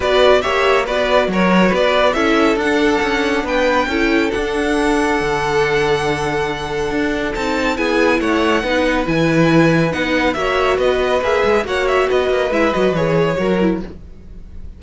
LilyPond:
<<
  \new Staff \with { instrumentName = "violin" } { \time 4/4 \tempo 4 = 139 d''4 e''4 d''4 cis''4 | d''4 e''4 fis''2 | g''2 fis''2~ | fis''1~ |
fis''4 a''4 gis''4 fis''4~ | fis''4 gis''2 fis''4 | e''4 dis''4 e''4 fis''8 e''8 | dis''4 e''8 dis''8 cis''2 | }
  \new Staff \with { instrumentName = "violin" } { \time 4/4 b'4 cis''4 b'4 ais'4 | b'4 a'2. | b'4 a'2.~ | a'1~ |
a'2 gis'4 cis''4 | b'1 | cis''4 b'2 cis''4 | b'2. ais'4 | }
  \new Staff \with { instrumentName = "viola" } { \time 4/4 fis'4 g'4 fis'2~ | fis'4 e'4 d'2~ | d'4 e'4 d'2~ | d'1~ |
d'4 dis'4 e'2 | dis'4 e'2 dis'4 | fis'2 gis'4 fis'4~ | fis'4 e'8 fis'8 gis'4 fis'8 e'8 | }
  \new Staff \with { instrumentName = "cello" } { \time 4/4 b4 ais4 b4 fis4 | b4 cis'4 d'4 cis'4 | b4 cis'4 d'2 | d1 |
d'4 c'4 b4 a4 | b4 e2 b4 | ais4 b4 ais8 gis8 ais4 | b8 ais8 gis8 fis8 e4 fis4 | }
>>